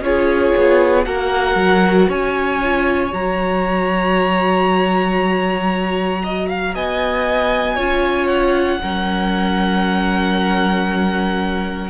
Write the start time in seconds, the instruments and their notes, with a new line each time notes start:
0.00 cello C#4, viola F4, violin G#4 C#5
0.56 cello B3
1.05 cello A#3, viola F#4, violin A#4 F#5
1.55 cello F#3
2.08 cello C#4, violin C#5 G#5
2.62 viola F4
3.12 cello F#3, viola F#4, violin A#5
6.23 violin D#5
6.49 violin F5
6.75 cello B3, violin D#5 G#5
7.75 cello C#4, viola F4, violin C#5
8.27 violin F#5
8.81 cello F#3, viola C#4, violin A#4